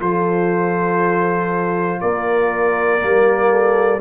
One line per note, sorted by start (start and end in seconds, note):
0.00 2.01 F3
0.00 3.00 F4
0.00 2.02 A4
0.00 2.01 C5
2.01 3.02 A#3
2.01 3.51 A#4
2.01 4.01 D5
3.00 4.01 G3
3.00 4.00 A#3
3.51 4.01 A4